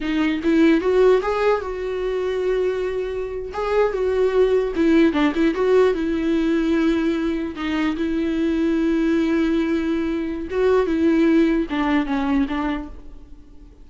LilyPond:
\new Staff \with { instrumentName = "viola" } { \time 4/4 \tempo 4 = 149 dis'4 e'4 fis'4 gis'4 | fis'1~ | fis'8. gis'4 fis'2 e'16~ | e'8. d'8 e'8 fis'4 e'4~ e'16~ |
e'2~ e'8. dis'4 e'16~ | e'1~ | e'2 fis'4 e'4~ | e'4 d'4 cis'4 d'4 | }